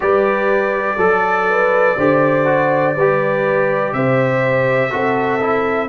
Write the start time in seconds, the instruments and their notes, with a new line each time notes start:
0.00 tuba G3, trombone G4, horn B4, trumpet D5
0.96 tuba F#3, horn A4, trombone A4
1.50 horn B4
1.97 tuba D3, trombone G4, horn C5
2.45 trombone F#4
2.95 tuba G3, trombone G4, horn B4
3.92 tuba C3, horn C5, trumpet E5
4.90 tuba C4, trombone F#4, horn A4
5.41 trombone E4